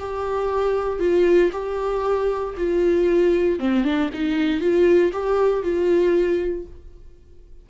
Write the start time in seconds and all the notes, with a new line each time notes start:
0.00 G4
1.00 F4
1.53 G4
2.58 F4
3.60 C4
3.85 D4
4.14 D#4
4.61 F4
5.13 G4
5.63 F4